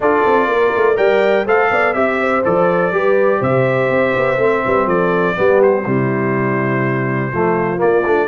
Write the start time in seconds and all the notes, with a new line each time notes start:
0.00 D4 F4 A4 D5
0.25 C4
0.46 A#3 A#4
0.75 A3
0.95 G3 A#4 D5 G5
1.45 A3 A4 C5 F5
1.70 B3 D5
1.93 C4 G4 E5
2.20 C5
2.44 F3 A4 D5
2.91 G3 G4 B4
3.38 C3 C5 E5
3.90 C4
4.15 B3
4.37 A3 C4
4.64 G3 B4
4.86 F3 A4 D5
5.35 G3 B3 G4
5.62 C5
5.85 C3 G3 E4
7.32 F3 A3 F4
7.77 A#3 D5
8.04 A3 D4